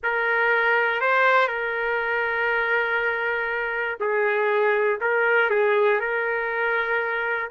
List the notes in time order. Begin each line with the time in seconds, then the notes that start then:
0.03 A#4
1.00 C5
1.47 A#4
4.00 G#4
5.00 A#4
5.50 G#4
6.00 A#4